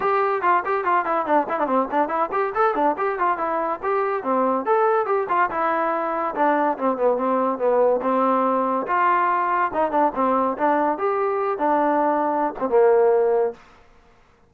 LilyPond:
\new Staff \with { instrumentName = "trombone" } { \time 4/4 \tempo 4 = 142 g'4 f'8 g'8 f'8 e'8 d'8 e'16 d'16 | c'8 d'8 e'8 g'8 a'8 d'8 g'8 f'8 | e'4 g'4 c'4 a'4 | g'8 f'8 e'2 d'4 |
c'8 b8 c'4 b4 c'4~ | c'4 f'2 dis'8 d'8 | c'4 d'4 g'4. d'8~ | d'4.~ d'16 c'16 ais2 | }